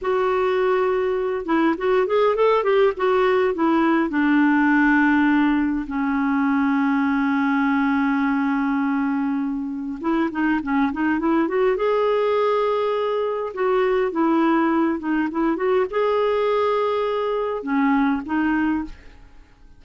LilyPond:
\new Staff \with { instrumentName = "clarinet" } { \time 4/4 \tempo 4 = 102 fis'2~ fis'8 e'8 fis'8 gis'8 | a'8 g'8 fis'4 e'4 d'4~ | d'2 cis'2~ | cis'1~ |
cis'4 e'8 dis'8 cis'8 dis'8 e'8 fis'8 | gis'2. fis'4 | e'4. dis'8 e'8 fis'8 gis'4~ | gis'2 cis'4 dis'4 | }